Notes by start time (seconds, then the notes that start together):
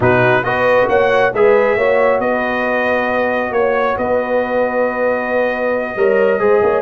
0.00 B2 D#4 F#4 B4
0.42 B3 F#4 B4 D#5
0.88 A#3 C#5 F#5
1.33 G#3 G#4 B4 E5
1.76 A#3 F#4 C#5
2.19 B3 B4 D#5
3.51 A#3 C#5
3.97 B3 B4 D#5
5.96 G3 A#4 C#5
6.39 G#3 G#4 C5
6.62 A#3 C#5